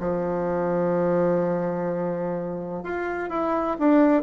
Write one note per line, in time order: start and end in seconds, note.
0.00 2.84 F3
2.84 3.29 F4
3.29 3.77 E4
3.79 4.23 D4